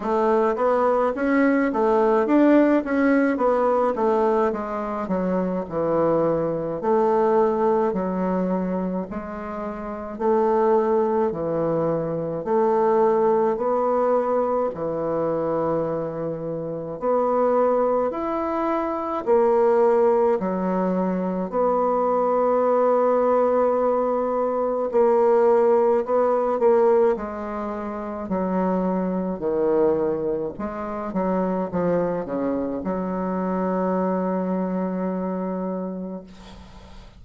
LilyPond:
\new Staff \with { instrumentName = "bassoon" } { \time 4/4 \tempo 4 = 53 a8 b8 cis'8 a8 d'8 cis'8 b8 a8 | gis8 fis8 e4 a4 fis4 | gis4 a4 e4 a4 | b4 e2 b4 |
e'4 ais4 fis4 b4~ | b2 ais4 b8 ais8 | gis4 fis4 dis4 gis8 fis8 | f8 cis8 fis2. | }